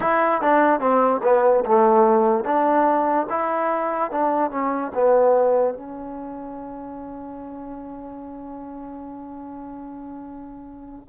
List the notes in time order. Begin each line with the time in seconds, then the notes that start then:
0.00 E4
0.41 D4
0.80 C4
1.23 B3
1.65 A3
2.44 D4
3.29 E4
4.11 D4
4.50 C#4
4.94 B3
5.74 C#4